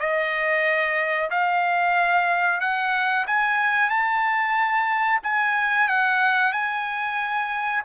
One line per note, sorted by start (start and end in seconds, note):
0.00 1.30 D#5
1.30 2.61 F5
2.61 3.26 F#5
3.27 3.90 G#5
3.90 5.20 A5
5.24 5.89 G#5
5.89 6.52 F#5
6.52 7.83 G#5